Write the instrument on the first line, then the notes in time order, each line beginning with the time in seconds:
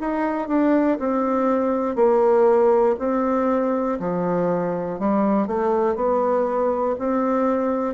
bassoon
0.00 D#4
0.48 D4
0.99 C4
1.95 A#3
2.98 C4
4.00 F3
4.99 G3
5.47 A3
5.95 B3
6.98 C4